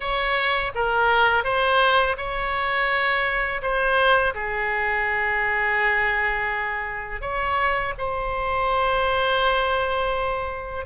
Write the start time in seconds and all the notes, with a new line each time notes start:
0.00 C#5
0.74 A#4
1.44 C5
2.17 C#5
3.61 C5
4.34 G#4
7.21 C#5
7.97 C5